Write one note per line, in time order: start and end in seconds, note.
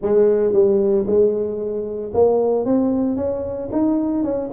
0.02 0.52 G#3
0.52 1.05 G3
1.06 2.12 G#3
2.14 2.65 A#3
2.65 3.16 C4
3.16 3.69 C#4
3.72 4.23 D#4
4.23 4.50 C#4